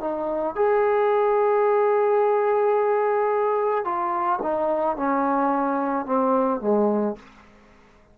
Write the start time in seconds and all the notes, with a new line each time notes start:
0.00 D#4
0.55 G#4
3.84 F4
4.42 D#4
4.96 C#4
6.05 C4
6.60 G#3